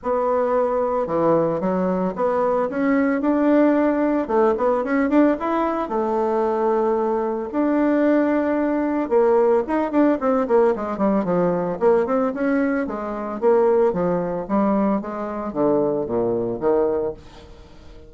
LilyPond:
\new Staff \with { instrumentName = "bassoon" } { \time 4/4 \tempo 4 = 112 b2 e4 fis4 | b4 cis'4 d'2 | a8 b8 cis'8 d'8 e'4 a4~ | a2 d'2~ |
d'4 ais4 dis'8 d'8 c'8 ais8 | gis8 g8 f4 ais8 c'8 cis'4 | gis4 ais4 f4 g4 | gis4 d4 ais,4 dis4 | }